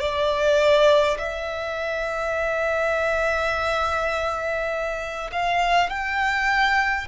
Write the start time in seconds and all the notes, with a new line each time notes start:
0.00 D5
1.19 E5
5.32 F5
5.90 G5